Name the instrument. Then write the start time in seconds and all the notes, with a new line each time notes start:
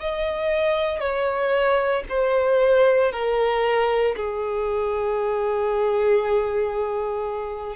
violin
0.00 D#5
1.00 C#5
2.09 C5
3.12 A#4
4.16 G#4